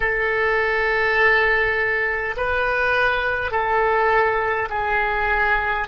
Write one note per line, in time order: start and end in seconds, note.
0.00 2.35 A4
2.36 3.51 B4
3.51 4.68 A4
4.70 5.87 G#4